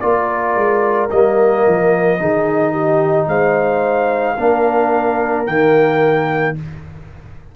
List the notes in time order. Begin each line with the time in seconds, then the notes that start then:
0.00 A#3 F4 A#4 D5
0.56 G#3
1.11 G3 A#3 D#5
1.67 F3
2.19 D#3 D#4 G#4
2.72 G4
3.27 G#3 C5 F5
4.36 A#3 D4 A#4
5.46 D#3 A#3 G5